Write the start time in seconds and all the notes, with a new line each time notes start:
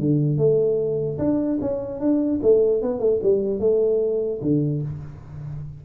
0.00 D3
0.38 A3
1.19 D4
1.62 C#4
2.00 D4
2.43 A3
2.82 B3
3.00 A3
3.23 G3
3.60 A3
4.42 D3